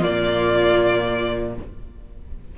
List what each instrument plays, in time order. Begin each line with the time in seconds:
0.00 cello A#2, viola A#3, violin F4 D5